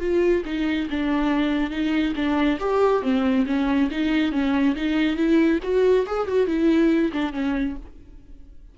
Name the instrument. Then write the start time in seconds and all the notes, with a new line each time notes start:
viola
0.00 F4
0.45 D#4
0.90 D4
1.70 D#4
2.15 D4
2.59 G4
3.02 C4
3.46 C#4
3.91 D#4
4.32 C#4
4.75 D#4
5.16 E4
5.63 F#4
6.06 G#4
6.27 F#4
6.46 E4
7.12 D4
7.33 C#4